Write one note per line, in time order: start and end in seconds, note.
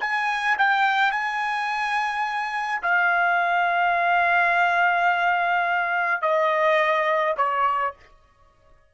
0.00 0.57 G#5
0.58 1.11 G5
1.11 2.81 G#5
2.82 6.21 F5
6.21 7.35 D#5
7.37 7.93 C#5